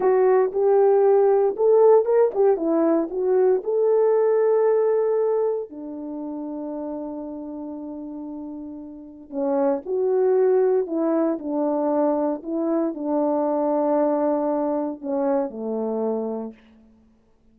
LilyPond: \new Staff \with { instrumentName = "horn" } { \time 4/4 \tempo 4 = 116 fis'4 g'2 a'4 | ais'8 g'8 e'4 fis'4 a'4~ | a'2. d'4~ | d'1~ |
d'2 cis'4 fis'4~ | fis'4 e'4 d'2 | e'4 d'2.~ | d'4 cis'4 a2 | }